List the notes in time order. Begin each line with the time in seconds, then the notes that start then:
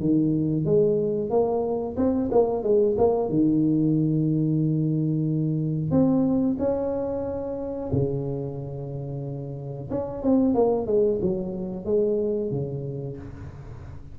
0.00 D#3
0.65 G#3
1.30 A#3
1.97 C4
2.31 A#3
2.63 G#3
2.97 A#3
3.29 D#3
5.91 C4
6.59 C#4
7.92 C#3
9.90 C#4
10.23 C4
10.54 A#3
10.86 G#3
11.21 F#3
11.85 G#3
12.51 C#3